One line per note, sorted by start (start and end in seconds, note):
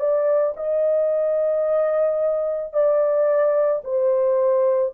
0.00 0.55 D5
0.57 2.74 D#5
2.74 3.83 D5
3.84 4.93 C5